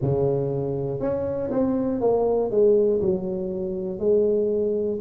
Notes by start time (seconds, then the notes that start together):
0.01 C#3
1.00 C#4
1.50 C4
2.00 A#3
2.50 G#3
3.01 F#3
3.99 G#3